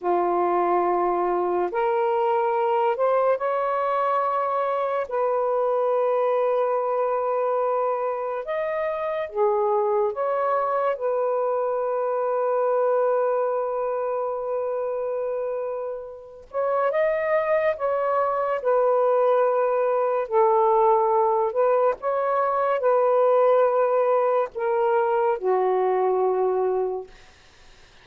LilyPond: \new Staff \with { instrumentName = "saxophone" } { \time 4/4 \tempo 4 = 71 f'2 ais'4. c''8 | cis''2 b'2~ | b'2 dis''4 gis'4 | cis''4 b'2.~ |
b'2.~ b'8 cis''8 | dis''4 cis''4 b'2 | a'4. b'8 cis''4 b'4~ | b'4 ais'4 fis'2 | }